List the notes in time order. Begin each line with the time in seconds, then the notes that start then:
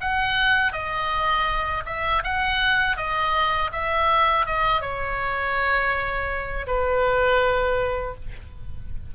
0.00 F#5
0.72 D#5
1.85 E5
2.23 F#5
2.97 D#5
3.72 E5
4.46 D#5
4.81 C#5
6.66 B4